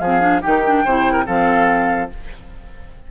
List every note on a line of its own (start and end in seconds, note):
0.00 0.42 F3
0.00 0.21 C4
0.00 0.42 G#4
0.00 0.42 F5
0.21 0.42 D4
0.42 0.85 D#3
0.42 0.64 D#4
0.42 0.84 G4
0.42 1.27 G5
0.65 0.86 D4
0.85 1.27 C3
0.85 1.27 E4
0.85 1.13 C5
1.13 1.23 A#4
1.27 2.12 F3
1.27 2.10 C4
1.27 2.10 A4
1.27 2.10 F5